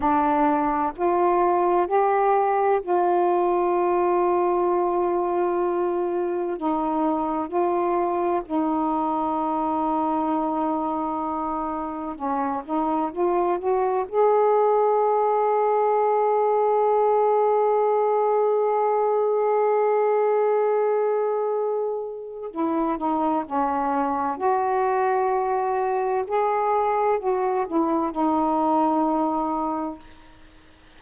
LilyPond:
\new Staff \with { instrumentName = "saxophone" } { \time 4/4 \tempo 4 = 64 d'4 f'4 g'4 f'4~ | f'2. dis'4 | f'4 dis'2.~ | dis'4 cis'8 dis'8 f'8 fis'8 gis'4~ |
gis'1~ | gis'1 | e'8 dis'8 cis'4 fis'2 | gis'4 fis'8 e'8 dis'2 | }